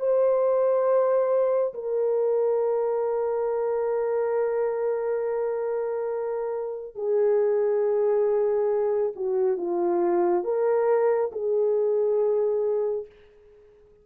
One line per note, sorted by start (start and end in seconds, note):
0.00 1.74 C5
1.74 6.95 A#4
6.95 9.13 G#4
9.16 9.57 F#4
9.57 10.44 F4
10.44 11.31 A#4
11.32 13.06 G#4